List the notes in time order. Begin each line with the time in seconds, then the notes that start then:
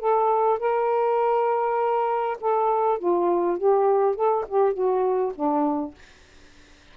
0.00 A4
0.60 A#4
2.41 A4
2.99 F4
3.58 G4
4.16 A4
4.48 G4
4.74 F#4
5.35 D4